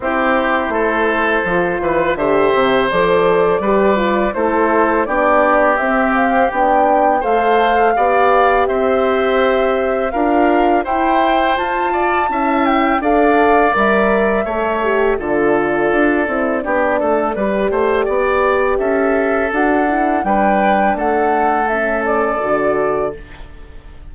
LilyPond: <<
  \new Staff \with { instrumentName = "flute" } { \time 4/4 \tempo 4 = 83 c''2. e''4 | d''2 c''4 d''4 | e''8 f''8 g''4 f''2 | e''2 f''4 g''4 |
a''4. g''8 f''4 e''4~ | e''4 d''2.~ | d''2 e''4 fis''4 | g''4 fis''4 e''8 d''4. | }
  \new Staff \with { instrumentName = "oboe" } { \time 4/4 g'4 a'4. b'8 c''4~ | c''4 b'4 a'4 g'4~ | g'2 c''4 d''4 | c''2 ais'4 c''4~ |
c''8 d''8 e''4 d''2 | cis''4 a'2 g'8 a'8 | b'8 c''8 d''4 a'2 | b'4 a'2. | }
  \new Staff \with { instrumentName = "horn" } { \time 4/4 e'2 f'4 g'4 | a'4 g'8 f'8 e'4 d'4 | c'4 d'4 a'4 g'4~ | g'2 f'4 e'4 |
f'4 e'4 a'4 ais'4 | a'8 g'8 f'4. e'8 d'4 | g'2. fis'8 e'8 | d'2 cis'4 fis'4 | }
  \new Staff \with { instrumentName = "bassoon" } { \time 4/4 c'4 a4 f8 e8 d8 c8 | f4 g4 a4 b4 | c'4 b4 a4 b4 | c'2 d'4 e'4 |
f'4 cis'4 d'4 g4 | a4 d4 d'8 c'8 b8 a8 | g8 a8 b4 cis'4 d'4 | g4 a2 d4 | }
>>